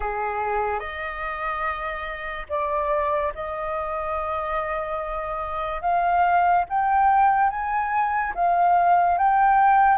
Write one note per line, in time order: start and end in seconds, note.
0.00 0.79 G#4
0.79 2.46 D#5
2.49 3.32 D5
3.34 5.81 D#5
5.81 6.64 F5
6.69 7.50 G5
7.50 8.33 G#5
8.34 9.18 F5
9.18 9.98 G5